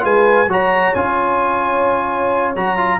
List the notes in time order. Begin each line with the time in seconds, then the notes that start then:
0.00 G#3 F4 B4 G#5
0.47 F#3 F#4 C#5 A#5
0.94 C#4 F4 G#5
2.55 F#3 F#4 A#5
2.77 F4